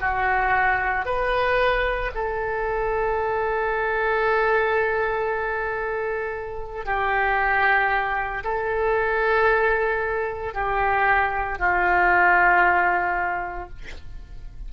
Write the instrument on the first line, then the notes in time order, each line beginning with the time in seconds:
oboe
0.00 F#4
1.06 B4
2.15 A4
6.86 G4
8.44 A4
10.54 G4
11.59 F4